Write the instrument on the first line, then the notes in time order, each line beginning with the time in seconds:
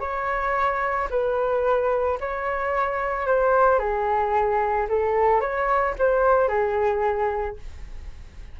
flute
0.00 C#5
1.10 B4
2.20 C#5
3.27 C5
3.79 G#4
4.89 A4
5.40 C#5
5.99 C5
6.48 G#4